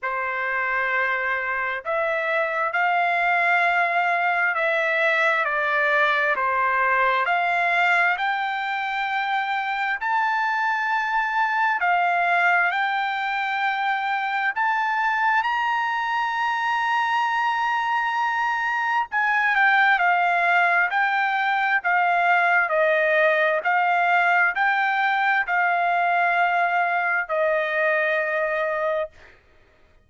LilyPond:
\new Staff \with { instrumentName = "trumpet" } { \time 4/4 \tempo 4 = 66 c''2 e''4 f''4~ | f''4 e''4 d''4 c''4 | f''4 g''2 a''4~ | a''4 f''4 g''2 |
a''4 ais''2.~ | ais''4 gis''8 g''8 f''4 g''4 | f''4 dis''4 f''4 g''4 | f''2 dis''2 | }